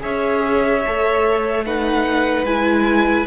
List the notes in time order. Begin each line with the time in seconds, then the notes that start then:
0.00 C#4 G#4 C#5 E5
0.87 A3 A4
1.66 D#4 B4 F#5
2.44 G#3 E4 G#5